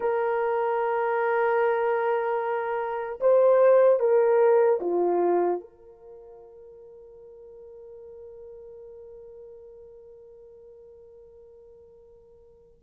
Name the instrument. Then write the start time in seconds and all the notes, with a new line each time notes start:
horn
0.00 A#4
3.20 C5
3.99 A#4
4.80 F4
5.60 A#4